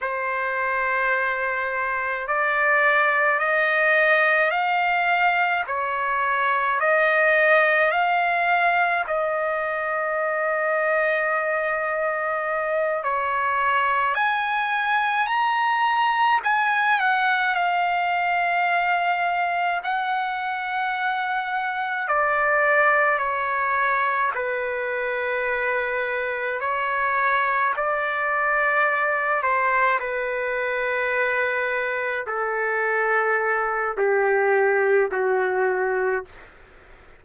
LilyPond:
\new Staff \with { instrumentName = "trumpet" } { \time 4/4 \tempo 4 = 53 c''2 d''4 dis''4 | f''4 cis''4 dis''4 f''4 | dis''2.~ dis''8 cis''8~ | cis''8 gis''4 ais''4 gis''8 fis''8 f''8~ |
f''4. fis''2 d''8~ | d''8 cis''4 b'2 cis''8~ | cis''8 d''4. c''8 b'4.~ | b'8 a'4. g'4 fis'4 | }